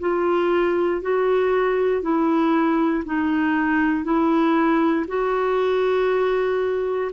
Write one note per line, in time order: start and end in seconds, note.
0.00 1.02 F4
1.02 2.02 F#4
2.02 3.04 E4
3.05 4.04 D#4
4.04 5.06 E4
5.08 7.11 F#4